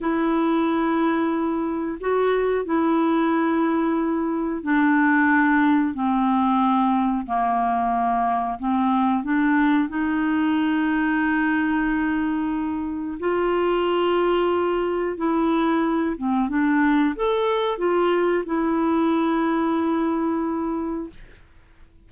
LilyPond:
\new Staff \with { instrumentName = "clarinet" } { \time 4/4 \tempo 4 = 91 e'2. fis'4 | e'2. d'4~ | d'4 c'2 ais4~ | ais4 c'4 d'4 dis'4~ |
dis'1 | f'2. e'4~ | e'8 c'8 d'4 a'4 f'4 | e'1 | }